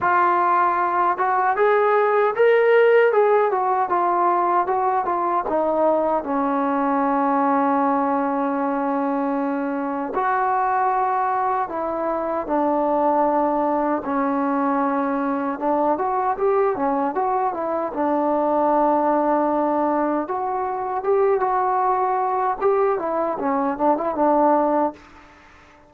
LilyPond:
\new Staff \with { instrumentName = "trombone" } { \time 4/4 \tempo 4 = 77 f'4. fis'8 gis'4 ais'4 | gis'8 fis'8 f'4 fis'8 f'8 dis'4 | cis'1~ | cis'4 fis'2 e'4 |
d'2 cis'2 | d'8 fis'8 g'8 cis'8 fis'8 e'8 d'4~ | d'2 fis'4 g'8 fis'8~ | fis'4 g'8 e'8 cis'8 d'16 e'16 d'4 | }